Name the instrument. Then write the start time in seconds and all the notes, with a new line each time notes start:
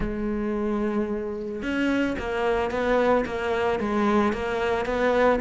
cello
0.00 G#3
1.62 C#4
2.18 A#3
2.70 B3
3.25 A#3
3.79 G#3
4.32 A#3
4.85 B3